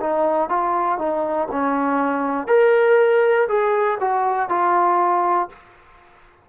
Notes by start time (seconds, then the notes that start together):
0.00 D#4
0.50 F4
0.99 D#4
1.52 C#4
2.47 A#4
3.48 G#4
4.00 F#4
4.50 F4